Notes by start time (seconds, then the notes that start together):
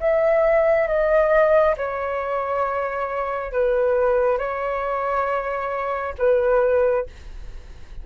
0.00 E5
0.87 D#5
1.77 C#5
3.53 B4
4.38 C#5
6.18 B4